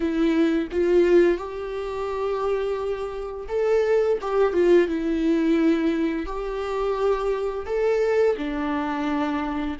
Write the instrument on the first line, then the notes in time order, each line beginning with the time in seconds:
viola
0.00 E4
0.71 F4
1.37 G4
3.48 A4
4.21 G4
4.53 F4
4.87 E4
6.26 G4
7.66 A4
8.37 D4